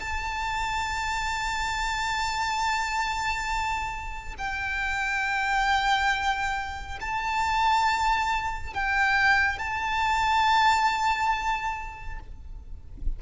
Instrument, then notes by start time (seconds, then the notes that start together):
violin
0.00 A5
4.38 G5
7.01 A5
8.74 G5
9.58 A5